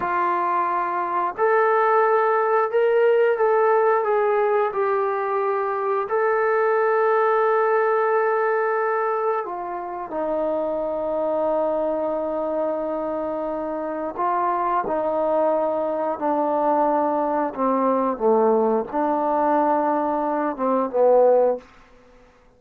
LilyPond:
\new Staff \with { instrumentName = "trombone" } { \time 4/4 \tempo 4 = 89 f'2 a'2 | ais'4 a'4 gis'4 g'4~ | g'4 a'2.~ | a'2 f'4 dis'4~ |
dis'1~ | dis'4 f'4 dis'2 | d'2 c'4 a4 | d'2~ d'8 c'8 b4 | }